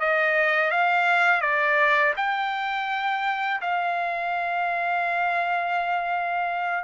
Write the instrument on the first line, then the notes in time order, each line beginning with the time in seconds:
trumpet
0.00 D#5
0.71 F5
1.41 D5
2.16 G5
3.61 F5